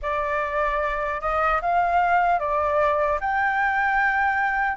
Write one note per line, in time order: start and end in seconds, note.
0.02 1.20 D5
1.20 1.60 D#5
1.61 2.39 F5
2.39 3.19 D5
3.20 4.76 G5